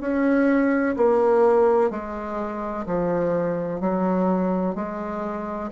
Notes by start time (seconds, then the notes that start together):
0.00 C#4
0.96 A#3
1.90 G#3
2.86 F3
3.80 F#3
4.75 G#3